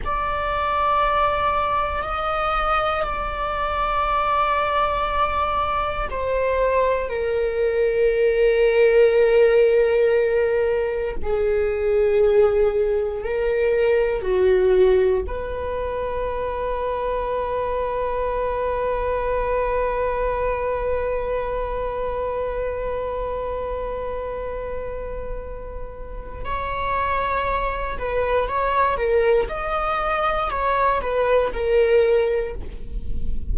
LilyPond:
\new Staff \with { instrumentName = "viola" } { \time 4/4 \tempo 4 = 59 d''2 dis''4 d''4~ | d''2 c''4 ais'4~ | ais'2. gis'4~ | gis'4 ais'4 fis'4 b'4~ |
b'1~ | b'1~ | b'2 cis''4. b'8 | cis''8 ais'8 dis''4 cis''8 b'8 ais'4 | }